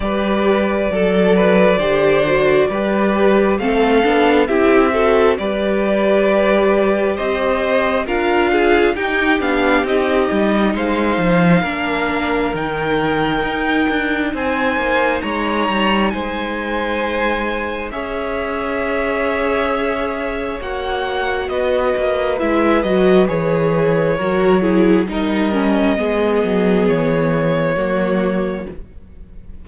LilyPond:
<<
  \new Staff \with { instrumentName = "violin" } { \time 4/4 \tempo 4 = 67 d''1 | f''4 e''4 d''2 | dis''4 f''4 g''8 f''8 dis''4 | f''2 g''2 |
gis''4 ais''4 gis''2 | e''2. fis''4 | dis''4 e''8 dis''8 cis''2 | dis''2 cis''2 | }
  \new Staff \with { instrumentName = "violin" } { \time 4/4 b'4 a'8 b'8 c''4 b'4 | a'4 g'8 a'8 b'2 | c''4 ais'8 gis'8 g'2 | c''4 ais'2. |
c''4 cis''4 c''2 | cis''1 | b'2. ais'8 gis'8 | ais'4 gis'2 fis'4 | }
  \new Staff \with { instrumentName = "viola" } { \time 4/4 g'4 a'4 g'8 fis'8 g'4 | c'8 d'8 e'8 fis'8 g'2~ | g'4 f'4 dis'8 d'8 dis'4~ | dis'4 d'4 dis'2~ |
dis'1 | gis'2. fis'4~ | fis'4 e'8 fis'8 gis'4 fis'8 e'8 | dis'8 cis'8 b2 ais4 | }
  \new Staff \with { instrumentName = "cello" } { \time 4/4 g4 fis4 d4 g4 | a8 b8 c'4 g2 | c'4 d'4 dis'8 b8 c'8 g8 | gis8 f8 ais4 dis4 dis'8 d'8 |
c'8 ais8 gis8 g8 gis2 | cis'2. ais4 | b8 ais8 gis8 fis8 e4 fis4 | g4 gis8 fis8 e4 fis4 | }
>>